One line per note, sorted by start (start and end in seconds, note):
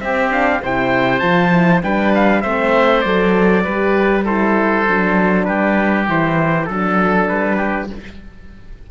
0.00 0.61 C4
0.00 0.31 C4
0.00 0.62 G4
0.00 0.31 E5
0.31 0.61 D4
0.31 0.62 F5
0.62 1.22 C3
0.62 1.21 E4
0.62 1.83 C5
0.62 1.19 G5
1.19 1.83 F3
1.19 1.51 F4
1.19 1.80 A5
1.51 1.82 E4
1.83 2.44 G3
1.83 2.44 D4
1.83 2.42 B4
1.83 2.13 G5
2.15 2.41 F5
2.41 3.05 A3
2.41 3.04 C4
2.41 3.63 C5
2.41 3.01 E5
3.01 3.65 F#3
3.01 3.65 A4
3.01 4.22 D5
3.64 4.88 G3
3.64 4.26 G4
3.64 4.24 B4
4.24 4.86 E4
4.24 5.45 A4
4.24 5.45 C5
4.88 5.48 F#3
4.88 6.08 D4
5.45 6.08 G3
5.45 6.69 G4
5.45 6.05 B4
6.08 6.68 E3
6.08 6.69 E4
6.08 6.65 C5
6.65 7.29 F#3
6.65 7.90 D4
6.65 7.26 A4
6.65 7.56 A4
7.28 7.90 G3
7.28 7.89 B4
7.56 7.87 G4